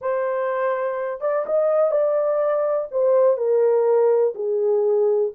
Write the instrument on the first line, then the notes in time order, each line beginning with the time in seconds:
horn
0.01 C5
1.21 D5
1.45 D#5
1.91 D5
2.91 C5
3.37 A#4
4.34 G#4